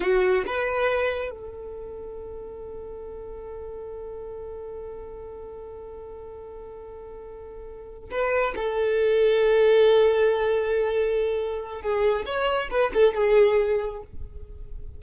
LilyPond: \new Staff \with { instrumentName = "violin" } { \time 4/4 \tempo 4 = 137 fis'4 b'2 a'4~ | a'1~ | a'1~ | a'1~ |
a'2~ a'8 b'4 a'8~ | a'1~ | a'2. gis'4 | cis''4 b'8 a'8 gis'2 | }